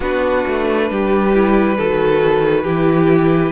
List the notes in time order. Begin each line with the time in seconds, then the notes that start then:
0.00 B3 D4 F#4 B4
0.46 A3
0.90 G3 G4
1.34 E4
1.77 D#3 F#4 A4
2.63 E3 E4 G4